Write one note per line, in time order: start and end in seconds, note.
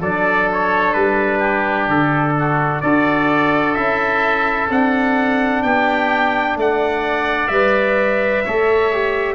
0.00 0.95 F#3
0.00 2.84 D4
0.00 1.39 A4
0.00 0.49 D5
0.53 0.93 C#5
0.93 1.88 G3
0.93 1.87 B4
1.39 2.32 G4
1.88 2.82 D3
1.88 2.81 A4
2.39 2.82 F#4
2.81 3.76 D4
2.81 3.76 F#4
2.81 5.63 A4
2.81 3.74 D5
3.74 4.70 C#4
3.74 4.70 E4
3.74 4.68 E5
4.70 5.63 C4
4.70 7.52 D4
4.70 5.63 F#5
5.63 6.56 B3
5.63 6.57 G4
5.63 6.56 G5
6.56 7.50 A3
6.56 8.44 D5
6.56 7.47 F#5
7.47 8.44 G3
7.47 8.46 B4
7.47 9.34 E5
8.44 9.34 A3
8.44 8.93 A4
8.44 9.34 C#5
8.93 9.34 G4